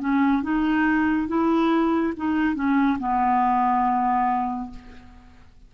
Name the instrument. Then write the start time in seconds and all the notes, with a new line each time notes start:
clarinet
0.00 C#4
0.43 D#4
1.28 E4
2.17 D#4
2.56 C#4
2.99 B3